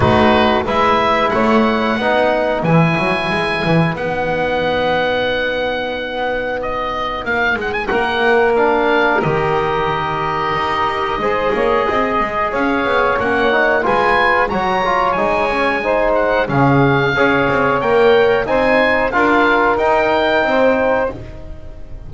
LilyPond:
<<
  \new Staff \with { instrumentName = "oboe" } { \time 4/4 \tempo 4 = 91 b'4 e''4 fis''2 | gis''2 fis''2~ | fis''2 dis''4 f''8 fis''16 gis''16 | fis''4 f''4 dis''2~ |
dis''2. f''4 | fis''4 gis''4 ais''4 gis''4~ | gis''8 fis''8 f''2 g''4 | gis''4 f''4 g''2 | }
  \new Staff \with { instrumentName = "saxophone" } { \time 4/4 fis'4 b'4 cis''4 b'4~ | b'1~ | b'1 | ais'1~ |
ais'4 c''8 cis''8 dis''4 cis''4~ | cis''4 b'4 cis''2 | c''4 gis'4 cis''2 | c''4 ais'2 c''4 | }
  \new Staff \with { instrumentName = "trombone" } { \time 4/4 dis'4 e'2 dis'4 | e'2 dis'2~ | dis'1~ | dis'4 d'4 g'2~ |
g'4 gis'2. | cis'8 dis'8 f'4 fis'8 f'8 dis'8 cis'8 | dis'4 cis'4 gis'4 ais'4 | dis'4 f'4 dis'2 | }
  \new Staff \with { instrumentName = "double bass" } { \time 4/4 a4 gis4 a4 b4 | e8 fis8 gis8 e8 b2~ | b2. ais8 gis8 | ais2 dis2 |
dis'4 gis8 ais8 c'8 gis8 cis'8 b8 | ais4 gis4 fis4 gis4~ | gis4 cis4 cis'8 c'8 ais4 | c'4 d'4 dis'4 c'4 | }
>>